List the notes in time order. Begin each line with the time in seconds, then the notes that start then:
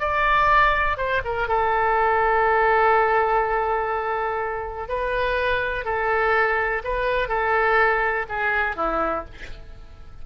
0.00 D5
0.98 C5
1.25 A#4
1.49 A4
4.89 B4
5.85 A4
6.84 B4
7.29 A4
8.29 G#4
8.76 E4